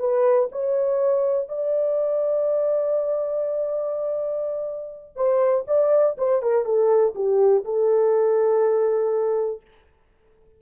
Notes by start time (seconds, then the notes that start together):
0.00 B4
0.52 C#5
1.49 D5
5.16 C5
5.68 D5
6.19 C5
6.43 A#4
6.65 A4
7.16 G4
7.65 A4